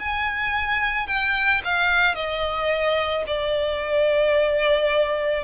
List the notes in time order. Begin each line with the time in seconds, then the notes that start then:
0.00 G#5
1.08 G5
1.65 F5
2.15 D#5
3.27 D5